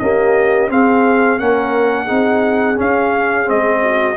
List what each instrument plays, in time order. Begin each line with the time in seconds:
0.00 trombone A#3, tuba C#4, horn G4, trumpet D#5
0.70 trombone C4, tuba C4, horn G#4, trumpet F5
1.39 tuba A#3, trombone C#4, horn A#4, trumpet F#5
2.05 tuba C4, trombone D#4, horn G#4
2.76 trombone C#4, tuba C#4, trumpet F5
3.45 tuba G#3, trombone C4, trumpet D#5
3.83 horn F#4